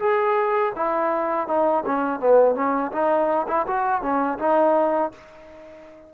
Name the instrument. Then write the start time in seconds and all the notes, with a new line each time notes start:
trombone
0.00 G#4
0.76 E4
1.48 D#4
1.86 C#4
2.20 B3
2.55 C#4
2.92 D#4
3.48 E4
3.67 F#4
4.02 C#4
4.39 D#4